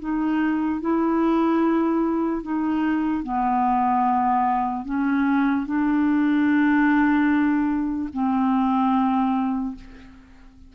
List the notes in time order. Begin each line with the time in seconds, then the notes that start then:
0.00 D#4
0.81 E4
2.43 D#4
3.24 B3
4.86 C#4
5.66 D4
8.13 C4